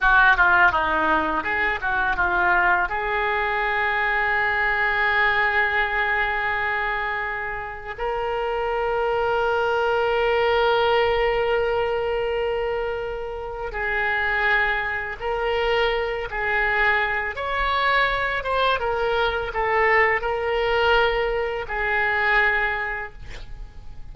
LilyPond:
\new Staff \with { instrumentName = "oboe" } { \time 4/4 \tempo 4 = 83 fis'8 f'8 dis'4 gis'8 fis'8 f'4 | gis'1~ | gis'2. ais'4~ | ais'1~ |
ais'2. gis'4~ | gis'4 ais'4. gis'4. | cis''4. c''8 ais'4 a'4 | ais'2 gis'2 | }